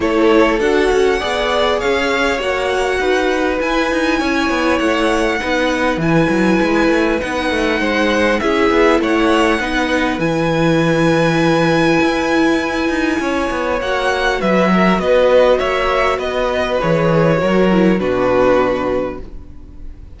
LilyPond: <<
  \new Staff \with { instrumentName = "violin" } { \time 4/4 \tempo 4 = 100 cis''4 fis''2 f''4 | fis''2 gis''2 | fis''2 gis''2 | fis''2 e''4 fis''4~ |
fis''4 gis''2.~ | gis''2. fis''4 | e''4 dis''4 e''4 dis''4 | cis''2 b'2 | }
  \new Staff \with { instrumentName = "violin" } { \time 4/4 a'2 d''4 cis''4~ | cis''4 b'2 cis''4~ | cis''4 b'2.~ | b'4 c''4 gis'4 cis''4 |
b'1~ | b'2 cis''2 | b'8 ais'8 b'4 cis''4 b'4~ | b'4 ais'4 fis'2 | }
  \new Staff \with { instrumentName = "viola" } { \time 4/4 e'4 fis'4 gis'2 | fis'2 e'2~ | e'4 dis'4 e'2 | dis'2 e'2 |
dis'4 e'2.~ | e'2. fis'4~ | fis'1 | gis'4 fis'8 e'8 d'2 | }
  \new Staff \with { instrumentName = "cello" } { \time 4/4 a4 d'8 cis'8 b4 cis'4 | ais4 dis'4 e'8 dis'8 cis'8 b8 | a4 b4 e8 fis8 gis8 a8 | b8 a8 gis4 cis'8 b8 a4 |
b4 e2. | e'4. dis'8 cis'8 b8 ais4 | fis4 b4 ais4 b4 | e4 fis4 b,2 | }
>>